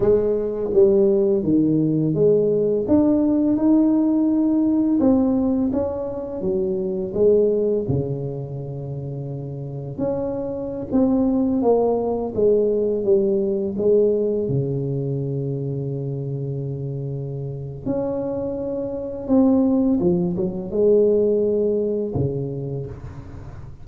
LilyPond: \new Staff \with { instrumentName = "tuba" } { \time 4/4 \tempo 4 = 84 gis4 g4 dis4 gis4 | d'4 dis'2 c'4 | cis'4 fis4 gis4 cis4~ | cis2 cis'4~ cis'16 c'8.~ |
c'16 ais4 gis4 g4 gis8.~ | gis16 cis2.~ cis8.~ | cis4 cis'2 c'4 | f8 fis8 gis2 cis4 | }